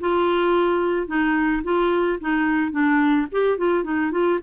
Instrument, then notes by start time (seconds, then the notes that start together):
clarinet
0.00 F4
1.07 D#4
1.63 F4
2.20 D#4
2.71 D4
3.32 G4
3.58 F4
3.84 D#4
4.11 F4